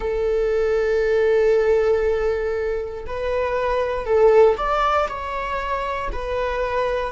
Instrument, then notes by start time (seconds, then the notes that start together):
viola
0.00 A4
3.06 B4
4.05 A4
4.56 D5
5.08 C#5
6.12 B4